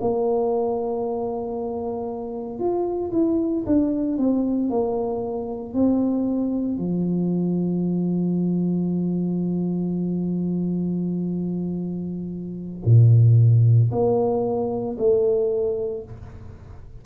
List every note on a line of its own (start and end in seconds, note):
0.00 2.59 A#3
2.59 3.11 F4
3.12 3.65 E4
3.66 4.17 D4
4.17 4.69 C4
4.69 5.73 A#3
5.73 6.78 C4
6.78 12.83 F3
12.85 13.90 A#2
13.91 14.96 A#3
14.98 16.03 A3